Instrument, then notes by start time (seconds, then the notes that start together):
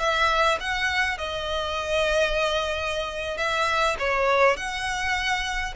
violin
0.00 E5
0.61 F#5
1.18 D#5
3.38 E5
3.99 C#5
4.57 F#5